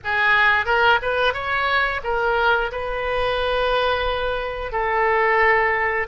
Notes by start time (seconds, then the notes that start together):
0.03 G#4
0.65 A#4
1.01 B4
1.33 C#5
2.03 A#4
2.71 B4
4.72 A4